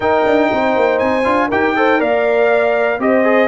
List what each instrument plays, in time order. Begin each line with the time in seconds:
0.00 tuba D#4, trombone D#4, horn A#4, trumpet G5
0.26 tuba D4
0.52 tuba C4, horn C5
0.75 tuba A#3
0.99 tuba C4, trumpet G#5
1.23 tuba D4, trombone F4
1.49 tuba D#4, trombone G4, horn A#4, trumpet G5
1.76 trombone A4, horn C5
1.99 tuba A#3, trombone A#4, horn D5, trumpet F5
2.99 tuba C4, trombone G4, horn C5, trumpet D#5
3.24 trombone G#4